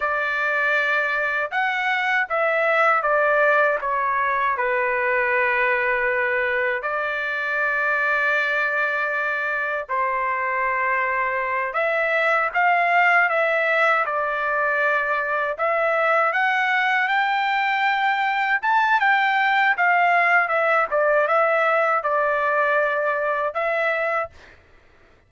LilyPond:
\new Staff \with { instrumentName = "trumpet" } { \time 4/4 \tempo 4 = 79 d''2 fis''4 e''4 | d''4 cis''4 b'2~ | b'4 d''2.~ | d''4 c''2~ c''8 e''8~ |
e''8 f''4 e''4 d''4.~ | d''8 e''4 fis''4 g''4.~ | g''8 a''8 g''4 f''4 e''8 d''8 | e''4 d''2 e''4 | }